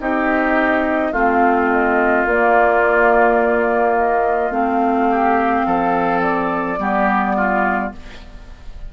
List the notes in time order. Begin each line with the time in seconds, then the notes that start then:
0.00 C4 D#4 G4 D#5
1.12 A3 C4 F4 F5
1.70 D#5
2.25 A#3 D5
3.96 D#5
4.51 A3 C4 F5
5.10 G4
5.66 F3 A4
6.22 D5
6.79 G3 B3 G4
7.37 F4